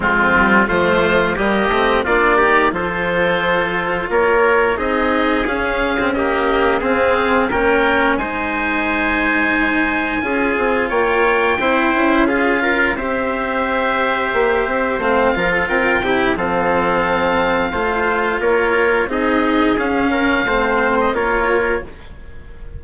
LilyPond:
<<
  \new Staff \with { instrumentName = "oboe" } { \time 4/4 \tempo 4 = 88 f'4 c''4 dis''4 d''4 | c''2 cis''4 dis''4 | f''4 dis''4 f''4 g''4 | gis''1 |
g''2 f''4 e''4~ | e''2 f''4 g''4 | f''2. cis''4 | dis''4 f''4.~ f''16 dis''16 cis''4 | }
  \new Staff \with { instrumentName = "trumpet" } { \time 4/4 c'4 f'4 g'4 f'8 g'8 | a'2 ais'4 gis'4~ | gis'4 g'4 gis'4 ais'4 | c''2. gis'4 |
cis''4 c''4 gis'8 ais'8 c''4~ | c''2~ c''8 ais'16 a'16 ais'8 g'8 | a'2 c''4 ais'4 | gis'4. ais'8 c''4 ais'4 | }
  \new Staff \with { instrumentName = "cello" } { \time 4/4 gis8 g8 a4 ais8 c'8 d'8 dis'8 | f'2. dis'4 | cis'8. c'16 ais4 c'4 cis'4 | dis'2. f'4~ |
f'4 e'4 f'4 g'4~ | g'2 c'8 f'4 e'8 | c'2 f'2 | dis'4 cis'4 c'4 f'4 | }
  \new Staff \with { instrumentName = "bassoon" } { \time 4/4 f,4 f4 g8 a8 ais4 | f2 ais4 c'4 | cis'2 c'4 ais4 | gis2. cis'8 c'8 |
ais4 c'8 cis'4. c'4~ | c'4 ais8 c'8 a8 f8 c'8 c8 | f2 a4 ais4 | c'4 cis'4 a4 ais4 | }
>>